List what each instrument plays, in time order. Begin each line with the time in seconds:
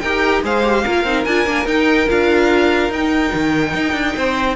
0.00 cello D#4, viola G4, violin A#4 G5
0.43 cello G#3, viola G#4, violin C5 F5
0.64 viola G4
0.84 cello A#3, viola F4, violin A#4
1.04 cello C4, viola D#4
1.24 cello D4, viola F4, violin G#5
1.46 cello A#3, viola D4
1.65 cello D#4, viola D#4, violin G5
2.08 cello D4, viola F4, violin F5
2.89 cello D#4, violin G5
2.96 viola D#4
3.33 cello D#3
3.74 cello D#4
3.92 cello D4
4.14 cello C4, violin C5